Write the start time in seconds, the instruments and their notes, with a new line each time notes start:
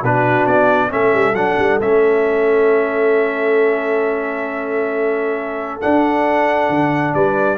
0.00 tuba B2, trombone D4, horn F#4, trumpet B4
0.46 tuba B3, trumpet D5
0.89 tuba A3, trombone C#4, horn A4, trumpet E5
1.13 tuba G3
1.34 tuba F#3, trombone D4, trumpet F#5
1.58 tuba G3
1.81 tuba A3, trombone C#4, trumpet E5
5.81 trombone D4, tuba D4, trumpet F#5
6.70 tuba D3
7.14 tuba G3, horn B4, trumpet D5